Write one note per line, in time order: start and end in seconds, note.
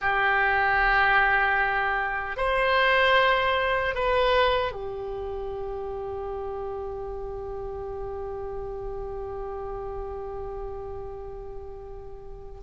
0.01 2.36 G4
2.36 3.94 C5
3.94 4.72 B4
4.72 12.61 G4